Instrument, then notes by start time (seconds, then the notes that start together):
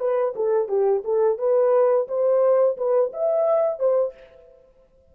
horn
0.00 B4
0.36 A4
0.69 G4
1.05 A4
1.39 B4
2.08 C5
2.77 B4
3.13 E5
3.80 C5